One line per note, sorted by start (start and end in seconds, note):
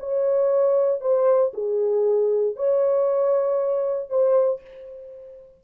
0.00 1.01 C#5
1.01 1.53 C5
1.54 2.56 G#4
2.56 4.10 C#5
4.10 4.62 C5